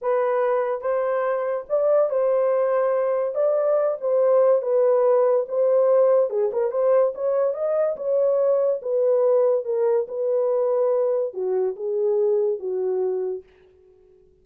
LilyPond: \new Staff \with { instrumentName = "horn" } { \time 4/4 \tempo 4 = 143 b'2 c''2 | d''4 c''2. | d''4. c''4. b'4~ | b'4 c''2 gis'8 ais'8 |
c''4 cis''4 dis''4 cis''4~ | cis''4 b'2 ais'4 | b'2. fis'4 | gis'2 fis'2 | }